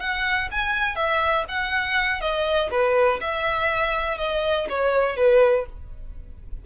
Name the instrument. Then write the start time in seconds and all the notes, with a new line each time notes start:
violin
0.00 F#5
0.51 G#5
0.96 E5
1.48 F#5
2.21 D#5
2.71 B4
3.21 E5
4.18 D#5
4.69 C#5
5.16 B4